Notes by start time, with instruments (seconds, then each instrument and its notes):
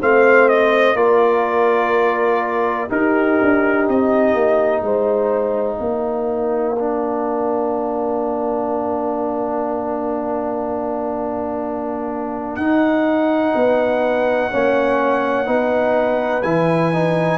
0.00 tuba A3, trombone C4, horn C5, trumpet F5
0.49 trumpet D#5
0.95 tuba A#3, trombone F4, horn A#4, trumpet D5
2.89 trombone D#4, tuba D#4, horn G4, trumpet A#4
3.42 tuba D4
3.88 tuba C4, trumpet D#5
4.34 tuba A#3
4.81 tuba G#3, horn C5, trumpet F5
5.78 tuba A#3, horn A#4
6.79 trombone D4
12.56 tuba D#4, trombone D#4, trumpet F#5
13.55 tuba B3, horn B4
14.51 tuba A#3, trombone C#4, horn C#5
15.46 tuba B3, trombone D#4, horn B4
16.43 tuba E3, trombone E4, trumpet G#5
16.93 trombone D#4